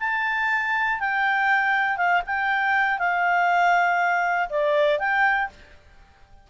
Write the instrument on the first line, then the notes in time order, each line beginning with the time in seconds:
clarinet
0.00 A5
1.00 G5
1.97 F5
2.26 G5
2.99 F5
4.50 D5
5.00 G5